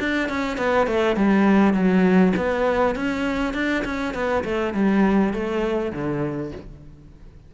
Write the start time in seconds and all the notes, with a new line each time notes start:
0.00 D4
0.29 C#4
0.58 B3
0.88 A3
1.17 G3
1.74 F#3
2.37 B3
2.96 C#4
3.55 D4
3.85 C#4
4.14 B3
4.45 A3
4.74 G3
5.34 A3
5.93 D3